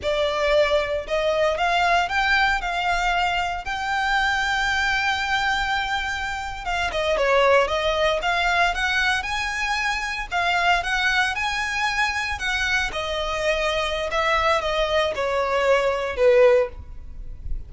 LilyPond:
\new Staff \with { instrumentName = "violin" } { \time 4/4 \tempo 4 = 115 d''2 dis''4 f''4 | g''4 f''2 g''4~ | g''1~ | g''8. f''8 dis''8 cis''4 dis''4 f''16~ |
f''8. fis''4 gis''2 f''16~ | f''8. fis''4 gis''2 fis''16~ | fis''8. dis''2~ dis''16 e''4 | dis''4 cis''2 b'4 | }